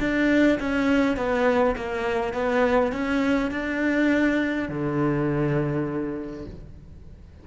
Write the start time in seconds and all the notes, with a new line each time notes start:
0.00 D4
0.59 C#4
1.17 B3
1.76 A#3
2.34 B3
2.92 C#4
3.51 D4
4.69 D3